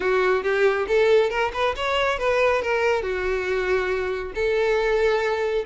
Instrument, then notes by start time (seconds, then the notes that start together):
violin
0.00 F#4
0.43 G4
0.87 A4
1.30 A#4
1.53 B4
1.75 C#5
2.18 B4
2.61 A#4
3.02 F#4
4.35 A4